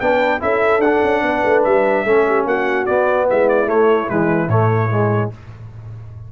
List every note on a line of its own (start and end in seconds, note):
0.00 0.42 B3
0.00 0.40 D4
0.00 0.42 B4
0.00 0.41 G5
0.40 0.78 C#4
0.40 0.81 E4
0.40 1.23 A4
0.40 0.81 E5
0.78 0.98 D4
0.78 1.62 F#5
0.85 2.06 D4
1.03 1.22 C#4
1.22 1.42 B3
1.22 2.06 B4
1.44 1.65 A3
1.64 2.04 G3
1.64 2.45 E5
2.04 2.45 A3
2.04 2.87 C#4
2.04 2.27 A4
2.27 2.46 G4
2.45 2.86 A#3
2.45 3.28 F#4
2.45 2.86 F#5
2.86 3.67 B3
2.86 3.30 B3
2.86 3.26 D5
3.28 3.66 G#3
3.28 5.32 E4
3.28 3.49 E5
3.49 3.69 D5
3.66 4.07 A3
3.66 4.09 C#5
4.08 4.48 E3
4.08 4.49 G#3
4.08 4.49 B4
4.48 5.29 A2
4.48 4.90 A3
4.48 5.31 C#5
4.90 5.31 G#3